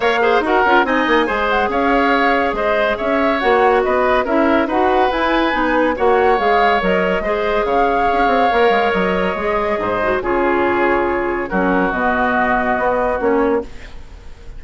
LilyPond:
<<
  \new Staff \with { instrumentName = "flute" } { \time 4/4 \tempo 4 = 141 f''4 fis''4 gis''4. fis''8 | f''2 dis''4 e''4 | fis''4 dis''4 e''4 fis''4 | gis''2 fis''4 f''4 |
dis''2 f''2~ | f''4 dis''2. | cis''2. ais'4 | dis''2. cis''4 | }
  \new Staff \with { instrumentName = "oboe" } { \time 4/4 cis''8 c''8 ais'4 dis''4 c''4 | cis''2 c''4 cis''4~ | cis''4 b'4 ais'4 b'4~ | b'2 cis''2~ |
cis''4 c''4 cis''2~ | cis''2. c''4 | gis'2. fis'4~ | fis'1 | }
  \new Staff \with { instrumentName = "clarinet" } { \time 4/4 ais'8 gis'8 fis'8 f'8 dis'4 gis'4~ | gis'1 | fis'2 e'4 fis'4 | e'4 dis'4 fis'4 gis'4 |
ais'4 gis'2. | ais'2 gis'4. fis'8 | f'2. cis'4 | b2. cis'4 | }
  \new Staff \with { instrumentName = "bassoon" } { \time 4/4 ais4 dis'8 cis'8 c'8 ais8 gis4 | cis'2 gis4 cis'4 | ais4 b4 cis'4 dis'4 | e'4 b4 ais4 gis4 |
fis4 gis4 cis4 cis'8 c'8 | ais8 gis8 fis4 gis4 gis,4 | cis2. fis4 | b,2 b4 ais4 | }
>>